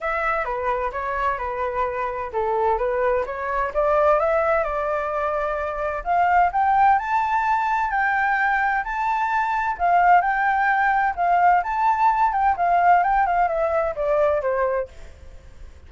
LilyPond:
\new Staff \with { instrumentName = "flute" } { \time 4/4 \tempo 4 = 129 e''4 b'4 cis''4 b'4~ | b'4 a'4 b'4 cis''4 | d''4 e''4 d''2~ | d''4 f''4 g''4 a''4~ |
a''4 g''2 a''4~ | a''4 f''4 g''2 | f''4 a''4. g''8 f''4 | g''8 f''8 e''4 d''4 c''4 | }